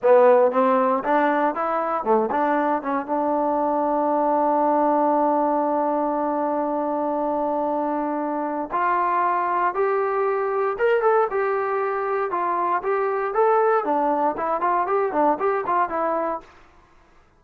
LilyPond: \new Staff \with { instrumentName = "trombone" } { \time 4/4 \tempo 4 = 117 b4 c'4 d'4 e'4 | a8 d'4 cis'8 d'2~ | d'1~ | d'1~ |
d'4 f'2 g'4~ | g'4 ais'8 a'8 g'2 | f'4 g'4 a'4 d'4 | e'8 f'8 g'8 d'8 g'8 f'8 e'4 | }